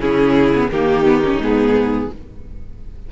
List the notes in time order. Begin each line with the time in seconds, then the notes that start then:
0.00 C#3 C#4 E4 G#4
0.54 B3
0.71 D#3 A#3 D#4 G4
1.05 B3
1.24 C#4
1.38 G#2 B3 G#4